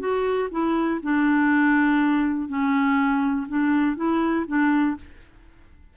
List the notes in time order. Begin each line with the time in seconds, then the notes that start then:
0.00 F#4
0.52 E4
1.04 D4
2.49 C#4
3.49 D4
3.97 E4
4.48 D4